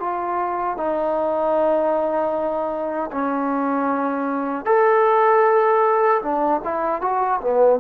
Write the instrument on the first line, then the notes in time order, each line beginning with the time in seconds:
trombone
0.00 F4
0.77 D#4
3.12 C#4
4.66 A4
6.23 D4
6.64 E4
7.02 F#4
7.41 B3